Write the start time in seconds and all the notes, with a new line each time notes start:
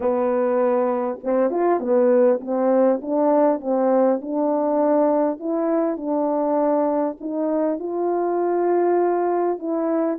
0.00 B3
1.23 C4
1.50 F4
1.80 B3
2.40 C4
3.01 D4
3.60 C4
4.21 D4
5.39 E4
5.96 D4
7.20 D#4
7.79 F4
9.58 E4